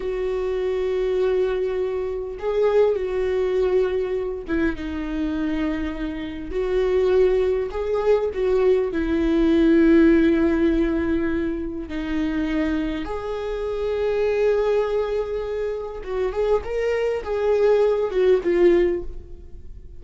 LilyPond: \new Staff \with { instrumentName = "viola" } { \time 4/4 \tempo 4 = 101 fis'1 | gis'4 fis'2~ fis'8 e'8 | dis'2. fis'4~ | fis'4 gis'4 fis'4 e'4~ |
e'1 | dis'2 gis'2~ | gis'2. fis'8 gis'8 | ais'4 gis'4. fis'8 f'4 | }